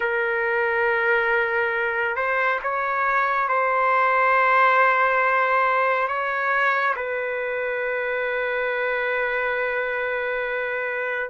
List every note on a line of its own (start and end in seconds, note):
0.00 2.16 A#4
2.16 2.59 C5
2.62 3.48 C#5
3.48 6.08 C5
6.08 6.94 C#5
6.96 11.30 B4